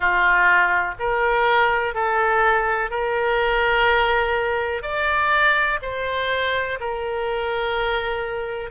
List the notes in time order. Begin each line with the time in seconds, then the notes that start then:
0.00 F4
0.99 A#4
1.94 A4
2.90 A#4
4.82 D5
5.82 C5
6.80 A#4